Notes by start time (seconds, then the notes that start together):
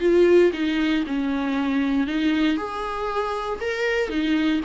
0.00 F4
0.53 D#4
1.06 C#4
2.07 D#4
2.56 G#4
3.60 A#4
4.09 D#4